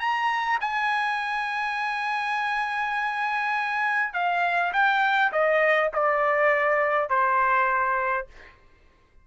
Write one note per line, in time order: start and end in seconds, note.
0.00 0.59 A#5
0.61 4.13 G#5
4.13 4.72 F5
4.73 5.32 G5
5.32 5.91 D#5
5.94 7.09 D5
7.09 8.27 C5